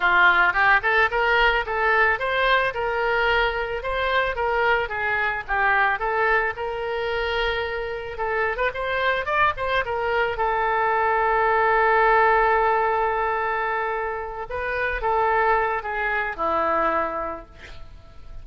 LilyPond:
\new Staff \with { instrumentName = "oboe" } { \time 4/4 \tempo 4 = 110 f'4 g'8 a'8 ais'4 a'4 | c''4 ais'2 c''4 | ais'4 gis'4 g'4 a'4 | ais'2. a'8. b'16 |
c''4 d''8 c''8 ais'4 a'4~ | a'1~ | a'2~ a'8 b'4 a'8~ | a'4 gis'4 e'2 | }